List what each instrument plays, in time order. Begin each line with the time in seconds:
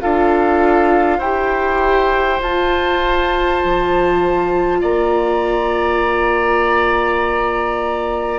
0.00 bassoon D4, viola F4, oboe A4, flute F5
1.18 bassoon E4, viola G4, oboe C5, flute G5
2.39 viola F4, bassoon F4, flute A5
3.63 bassoon F3
4.80 bassoon A#3, oboe D5, flute A#5